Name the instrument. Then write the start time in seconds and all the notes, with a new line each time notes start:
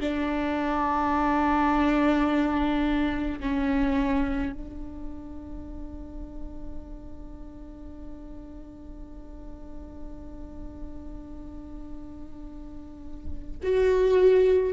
viola
0.00 D4
3.40 C#4
4.52 D4
13.63 F#4